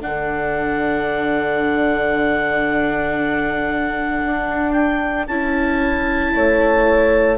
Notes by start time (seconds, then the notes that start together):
0.00 D3 D4 A4 F#5
4.24 D4
4.71 G5
5.27 C#4 E4 A5
6.34 A3 C#5